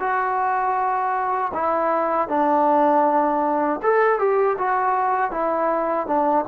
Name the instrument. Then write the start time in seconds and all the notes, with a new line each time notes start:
trombone
0.00 F#4
1.54 E4
2.29 D4
3.83 A4
4.19 G4
4.58 F#4
5.31 E4
6.07 D4